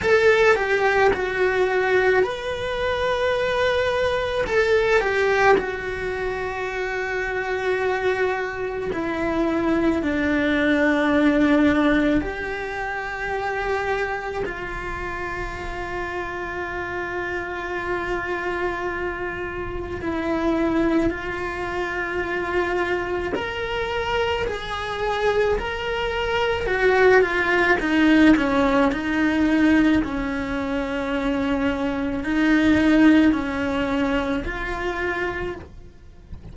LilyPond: \new Staff \with { instrumentName = "cello" } { \time 4/4 \tempo 4 = 54 a'8 g'8 fis'4 b'2 | a'8 g'8 fis'2. | e'4 d'2 g'4~ | g'4 f'2.~ |
f'2 e'4 f'4~ | f'4 ais'4 gis'4 ais'4 | fis'8 f'8 dis'8 cis'8 dis'4 cis'4~ | cis'4 dis'4 cis'4 f'4 | }